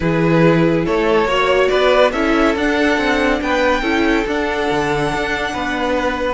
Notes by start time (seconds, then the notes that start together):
0.00 E3 E4 G#4 B4
0.85 A3 A4 C#5
1.25 A#3 F#4 C#5
1.68 B3 B4 D5
2.12 C#4 E4 A4 E5
2.55 D4 F#5
2.97 C4
3.41 B3 B4 G5
3.81 C#4 E4 A4
4.26 D4 F#5
4.70 D3
5.13 D4
5.52 B3 B4